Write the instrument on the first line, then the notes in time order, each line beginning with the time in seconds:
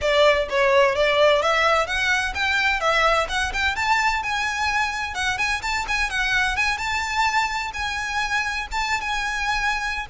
violin
0.01 D5
0.49 C#5
0.95 D5
1.42 E5
1.86 F#5
2.34 G5
2.80 E5
3.28 F#5
3.53 G5
3.75 A5
4.22 G#5
5.14 F#5
5.38 G#5
5.62 A5
5.88 G#5
6.10 F#5
6.56 G#5
6.77 A5
7.73 G#5
8.71 A5
9.00 G#5